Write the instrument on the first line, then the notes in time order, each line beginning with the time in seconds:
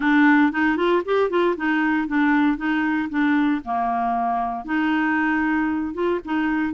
clarinet
0.00 D4
0.52 D#4
0.76 F4
1.05 G4
1.30 F4
1.57 D#4
2.07 D4
2.57 D#4
3.09 D4
3.64 A#3
4.65 D#4
5.94 F4
6.24 D#4